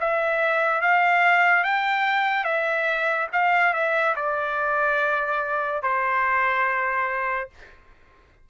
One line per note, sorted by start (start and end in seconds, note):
0.00 0.81 E5
0.81 1.64 F5
1.64 2.44 G5
2.44 3.27 E5
3.33 3.73 F5
3.73 4.15 E5
4.16 5.83 D5
5.83 7.49 C5